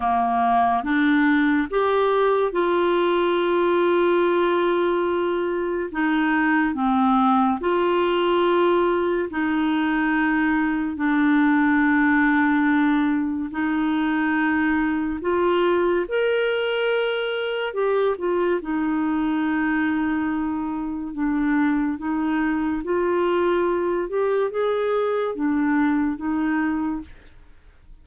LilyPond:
\new Staff \with { instrumentName = "clarinet" } { \time 4/4 \tempo 4 = 71 ais4 d'4 g'4 f'4~ | f'2. dis'4 | c'4 f'2 dis'4~ | dis'4 d'2. |
dis'2 f'4 ais'4~ | ais'4 g'8 f'8 dis'2~ | dis'4 d'4 dis'4 f'4~ | f'8 g'8 gis'4 d'4 dis'4 | }